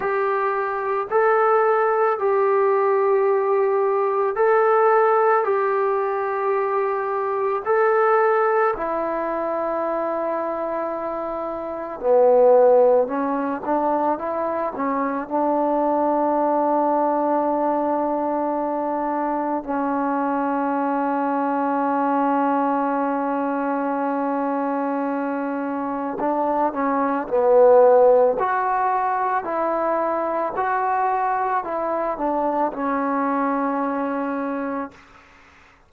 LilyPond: \new Staff \with { instrumentName = "trombone" } { \time 4/4 \tempo 4 = 55 g'4 a'4 g'2 | a'4 g'2 a'4 | e'2. b4 | cis'8 d'8 e'8 cis'8 d'2~ |
d'2 cis'2~ | cis'1 | d'8 cis'8 b4 fis'4 e'4 | fis'4 e'8 d'8 cis'2 | }